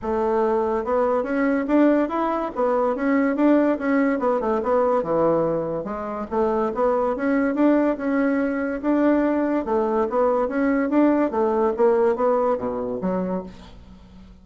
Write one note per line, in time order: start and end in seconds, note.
0.02 0.84 A3
0.84 1.23 B3
1.23 1.65 C#4
1.67 2.08 D4
2.08 2.50 E4
2.55 2.95 B3
2.95 3.36 C#4
3.36 3.78 D4
3.78 4.19 C#4
4.19 4.40 B3
4.40 4.61 A3
4.62 5.03 B3
5.03 5.84 E3
5.84 6.26 G#3
6.30 6.72 A3
6.74 7.16 B3
7.16 7.54 C#4
7.54 7.96 D4
7.97 8.81 C#4
8.81 9.65 D4
9.65 10.07 A3
10.09 10.48 B3
10.48 10.89 C#4
10.89 11.30 D4
11.30 11.72 A3
11.76 12.15 A#3
12.15 12.57 B3
12.57 12.99 B2
13.01 13.43 F#3